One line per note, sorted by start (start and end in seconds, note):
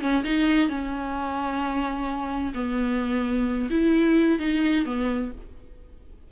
0.00 0.23 C#4
0.23 0.69 D#4
0.69 2.53 C#4
2.54 3.69 B3
3.70 4.39 E4
4.39 4.85 D#4
4.85 5.31 B3